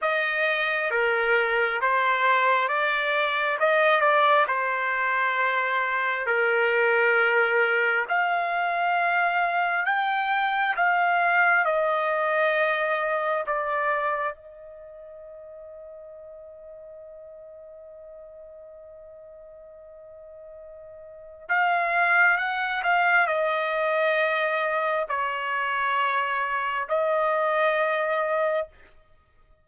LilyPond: \new Staff \with { instrumentName = "trumpet" } { \time 4/4 \tempo 4 = 67 dis''4 ais'4 c''4 d''4 | dis''8 d''8 c''2 ais'4~ | ais'4 f''2 g''4 | f''4 dis''2 d''4 |
dis''1~ | dis''1 | f''4 fis''8 f''8 dis''2 | cis''2 dis''2 | }